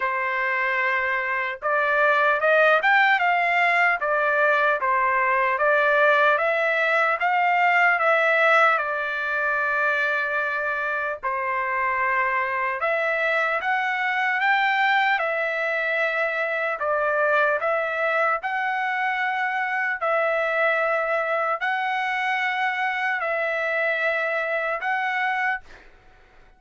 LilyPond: \new Staff \with { instrumentName = "trumpet" } { \time 4/4 \tempo 4 = 75 c''2 d''4 dis''8 g''8 | f''4 d''4 c''4 d''4 | e''4 f''4 e''4 d''4~ | d''2 c''2 |
e''4 fis''4 g''4 e''4~ | e''4 d''4 e''4 fis''4~ | fis''4 e''2 fis''4~ | fis''4 e''2 fis''4 | }